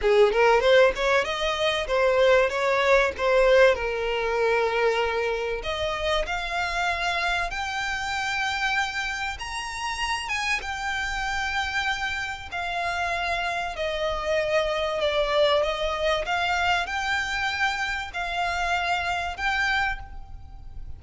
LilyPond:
\new Staff \with { instrumentName = "violin" } { \time 4/4 \tempo 4 = 96 gis'8 ais'8 c''8 cis''8 dis''4 c''4 | cis''4 c''4 ais'2~ | ais'4 dis''4 f''2 | g''2. ais''4~ |
ais''8 gis''8 g''2. | f''2 dis''2 | d''4 dis''4 f''4 g''4~ | g''4 f''2 g''4 | }